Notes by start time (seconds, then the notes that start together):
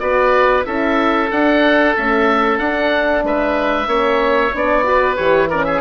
0.00 B3 F#4 B4 D5
0.65 C#4 E4 A4 E5
1.32 D4 F#5
1.97 A3 C#4 E5
2.59 D4 F#5
3.23 G#3 B4 E5
3.87 A#3 C#4 C#5
4.54 B3 D4 D5
4.84 F#4 B4
5.16 E3 G4 C#5
5.49 C#4 A#4 D5
5.64 G#4 E5